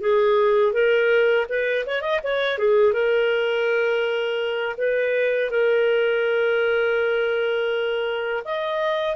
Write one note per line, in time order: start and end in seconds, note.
0.00 0.73 G#4
0.73 1.46 A#4
1.49 1.85 B4
1.86 2.01 C#5
2.01 2.20 D#5
2.23 2.58 C#5
2.58 2.93 G#4
2.93 4.76 A#4
4.77 5.50 B4
5.50 8.43 A#4
8.44 9.16 D#5